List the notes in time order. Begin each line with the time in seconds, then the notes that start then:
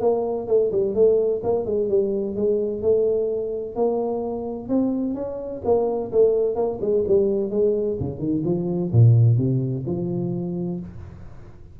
0.00 A#3
0.47 A3
0.71 G3
0.94 A3
1.43 A#3
1.65 G#3
1.89 G3
2.35 G#3
2.81 A3
3.75 A#3
4.68 C4
5.14 C#4
5.64 A#3
6.12 A3
6.55 A#3
6.81 G#3
7.07 G3
7.50 G#3
7.99 C#3
8.19 D#3
8.44 F3
8.91 A#2
9.37 C3
9.86 F3